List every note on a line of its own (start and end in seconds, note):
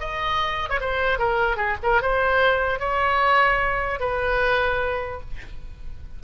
0.00 0.70 D#5
0.70 0.80 C#5
0.81 1.19 C5
1.19 1.57 A#4
1.57 1.77 G#4
1.83 2.02 A#4
2.02 2.80 C5
2.80 4.00 C#5
4.00 5.21 B4